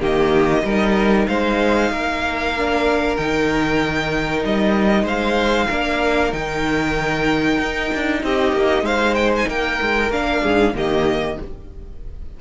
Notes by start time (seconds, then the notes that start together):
0.00 D#3 A#3 G4 D#5
0.64 G3 D#4 A#4
1.27 G#3 C5 F5
1.91 A#3 A#4
2.57 D4
3.17 D#3 D#4 G5
4.44 G3 D#5
5.03 G#3 C5 F5
5.68 A#3 D4 A#4
6.31 D#3 D#4 G5
7.59 D#4
7.94 D4
8.23 C4 G4 D#5
8.53 A#3
8.82 G#3 C5 F5
9.15 G5
9.36 G#5
9.48 A#3 A#4 G5
9.82 G#3
10.10 A#3 D4 F5
10.42 G#2 G#4
10.74 D#3 A#3 G4 D#5